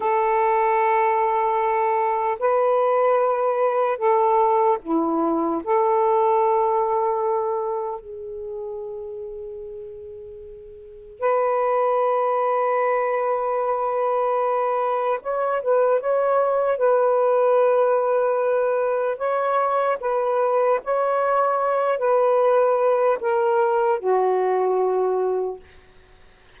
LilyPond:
\new Staff \with { instrumentName = "saxophone" } { \time 4/4 \tempo 4 = 75 a'2. b'4~ | b'4 a'4 e'4 a'4~ | a'2 gis'2~ | gis'2 b'2~ |
b'2. cis''8 b'8 | cis''4 b'2. | cis''4 b'4 cis''4. b'8~ | b'4 ais'4 fis'2 | }